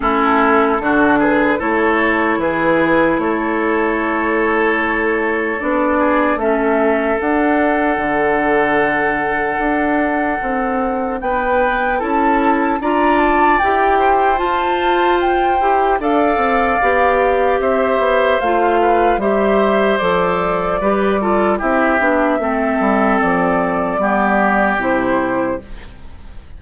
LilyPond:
<<
  \new Staff \with { instrumentName = "flute" } { \time 4/4 \tempo 4 = 75 a'4. b'8 cis''4 b'4 | cis''2. d''4 | e''4 fis''2.~ | fis''2 g''4 a''4 |
ais''8 a''8 g''4 a''4 g''4 | f''2 e''4 f''4 | e''4 d''2 e''4~ | e''4 d''2 c''4 | }
  \new Staff \with { instrumentName = "oboe" } { \time 4/4 e'4 fis'8 gis'8 a'4 gis'4 | a'2.~ a'8 gis'8 | a'1~ | a'2 b'4 a'4 |
d''4. c''2~ c''8 | d''2 c''4. b'8 | c''2 b'8 a'8 g'4 | a'2 g'2 | }
  \new Staff \with { instrumentName = "clarinet" } { \time 4/4 cis'4 d'4 e'2~ | e'2. d'4 | cis'4 d'2.~ | d'2. e'4 |
f'4 g'4 f'4. g'8 | a'4 g'2 f'4 | g'4 a'4 g'8 f'8 e'8 d'8 | c'2 b4 e'4 | }
  \new Staff \with { instrumentName = "bassoon" } { \time 4/4 a4 d4 a4 e4 | a2. b4 | a4 d'4 d2 | d'4 c'4 b4 cis'4 |
d'4 e'4 f'4. e'8 | d'8 c'8 b4 c'8 b8 a4 | g4 f4 g4 c'8 b8 | a8 g8 f4 g4 c4 | }
>>